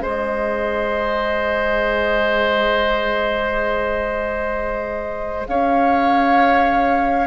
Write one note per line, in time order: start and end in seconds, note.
0.00 5.45 G#3
0.00 7.27 G#4
0.00 5.47 C5
0.00 5.45 D#5
5.47 7.27 C#4
5.47 7.27 C#5
5.47 7.27 F5